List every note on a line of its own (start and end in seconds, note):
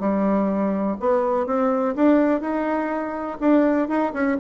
0.00 0.97 G3
1.00 1.46 B3
1.46 1.95 C4
1.96 2.41 D4
2.41 3.38 D#4
3.40 3.88 D4
3.88 4.13 D#4
4.13 4.37 C#4